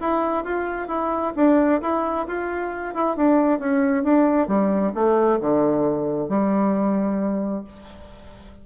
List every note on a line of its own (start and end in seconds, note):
0.00 0.44 E4
0.44 0.88 F4
0.88 1.33 E4
1.36 1.81 D4
1.81 2.26 E4
2.27 2.94 F4
2.94 3.16 E4
3.16 3.59 D4
3.59 4.03 C#4
4.03 4.47 D4
4.47 4.93 G3
4.94 5.39 A3
5.40 6.28 D3
6.28 7.64 G3